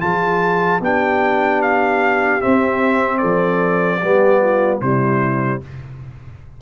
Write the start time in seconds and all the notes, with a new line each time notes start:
0.00 F3 F4 G#4 A5
0.80 B3 D4 G4 G5
1.62 F5
2.41 C4 E5
3.18 F3 A4 D5
4.00 G3 B3 G4
4.41 F4
4.81 C3 G3 E4 C5